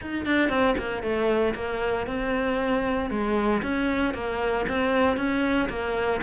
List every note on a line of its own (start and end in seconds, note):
0.01 0.25 D#4
0.25 0.49 D4
0.49 0.75 C4
0.78 1.02 A#3
1.02 1.54 A3
1.54 2.06 A#3
2.07 3.10 C4
3.10 3.62 G#3
3.62 4.14 C#4
4.14 4.66 A#3
4.68 5.17 C4
5.17 5.68 C#4
5.69 6.20 A#3